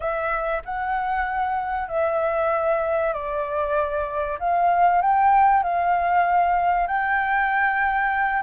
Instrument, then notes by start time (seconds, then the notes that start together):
flute
0.00 E5
0.64 F#5
1.88 E5
3.13 D5
4.39 F5
5.01 G5
5.62 F5
6.87 G5